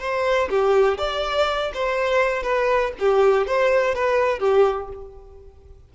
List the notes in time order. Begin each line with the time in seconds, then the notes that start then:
0.00 C5
0.50 G4
0.99 D5
1.75 C5
2.43 B4
3.00 G4
3.48 C5
3.95 B4
4.40 G4